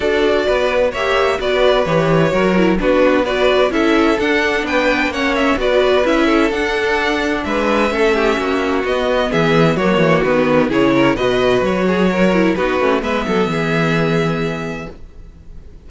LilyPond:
<<
  \new Staff \with { instrumentName = "violin" } { \time 4/4 \tempo 4 = 129 d''2 e''4 d''4 | cis''2 b'4 d''4 | e''4 fis''4 g''4 fis''8 e''8 | d''4 e''4 fis''2 |
e''2. dis''4 | e''4 cis''4 b'4 cis''4 | dis''4 cis''2 b'4 | e''1 | }
  \new Staff \with { instrumentName = "violin" } { \time 4/4 a'4 b'4 cis''4 b'4~ | b'4 ais'4 fis'4 b'4 | a'2 b'4 cis''4 | b'4. a'2~ a'8 |
b'4 a'8 g'8 fis'2 | gis'4 fis'2 gis'8 ais'8 | b'4. gis'8 ais'4 fis'4 | b'8 a'8 gis'2. | }
  \new Staff \with { instrumentName = "viola" } { \time 4/4 fis'2 g'4 fis'4 | g'4 fis'8 e'8 d'4 fis'4 | e'4 d'2 cis'4 | fis'4 e'4 d'2~ |
d'4 cis'2 b4~ | b4 ais4 b4 e'4 | fis'2~ fis'8 e'8 dis'8 cis'8 | b1 | }
  \new Staff \with { instrumentName = "cello" } { \time 4/4 d'4 b4 ais4 b4 | e4 fis4 b2 | cis'4 d'4 b4 ais4 | b4 cis'4 d'2 |
gis4 a4 ais4 b4 | e4 fis8 e8 dis4 cis4 | b,4 fis2 b8 a8 | gis8 fis8 e2. | }
>>